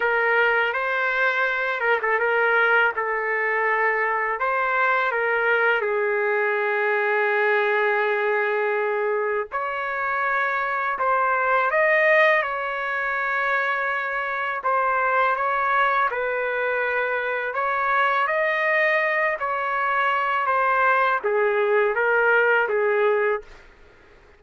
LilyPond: \new Staff \with { instrumentName = "trumpet" } { \time 4/4 \tempo 4 = 82 ais'4 c''4. ais'16 a'16 ais'4 | a'2 c''4 ais'4 | gis'1~ | gis'4 cis''2 c''4 |
dis''4 cis''2. | c''4 cis''4 b'2 | cis''4 dis''4. cis''4. | c''4 gis'4 ais'4 gis'4 | }